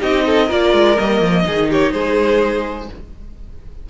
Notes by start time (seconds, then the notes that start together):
0.00 C4 D#4 G4 D#5
0.26 A4
0.47 A#3 F4 A#4 D5
0.73 G#3
0.97 G3 A#3 D#5
1.21 F3
1.44 D#3 D#4 G#4
1.70 G4 C#5
1.92 G#3 G#4 C5